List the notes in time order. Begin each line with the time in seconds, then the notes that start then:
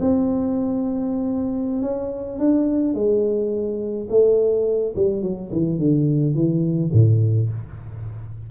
0.00 C4
1.82 C#4
2.39 D4
2.94 G#3
4.09 A3
4.96 G3
5.22 F#3
5.52 E3
5.78 D3
6.34 E3
6.93 A2